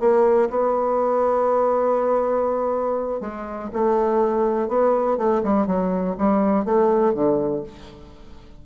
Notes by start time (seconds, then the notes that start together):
0.00 A#3
0.51 B3
3.21 G#3
3.73 A3
4.69 B3
5.18 A3
5.44 G3
5.67 F#3
6.18 G3
6.65 A3
7.14 D3